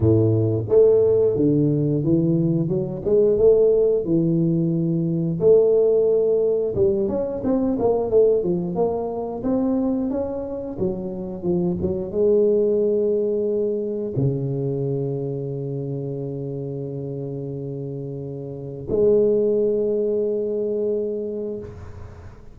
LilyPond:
\new Staff \with { instrumentName = "tuba" } { \time 4/4 \tempo 4 = 89 a,4 a4 d4 e4 | fis8 gis8 a4 e2 | a2 g8 cis'8 c'8 ais8 | a8 f8 ais4 c'4 cis'4 |
fis4 f8 fis8 gis2~ | gis4 cis2.~ | cis1 | gis1 | }